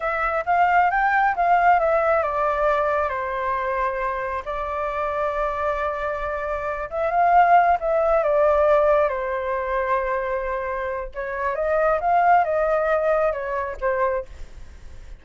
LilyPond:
\new Staff \with { instrumentName = "flute" } { \time 4/4 \tempo 4 = 135 e''4 f''4 g''4 f''4 | e''4 d''2 c''4~ | c''2 d''2~ | d''2.~ d''8 e''8 |
f''4. e''4 d''4.~ | d''8 c''2.~ c''8~ | c''4 cis''4 dis''4 f''4 | dis''2 cis''4 c''4 | }